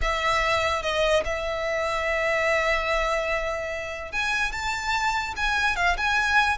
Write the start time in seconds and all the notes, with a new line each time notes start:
0.01 E5
0.82 D#5
1.24 E5
4.12 G#5
4.52 A5
5.36 G#5
5.76 F5
5.97 G#5